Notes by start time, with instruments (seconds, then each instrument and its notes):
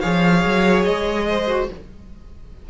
0.00 cello F3, viola G#4, violin C#5 F5
0.45 cello F#3
0.84 cello G#3, violin D#5
1.28 violin C5
1.47 viola F#4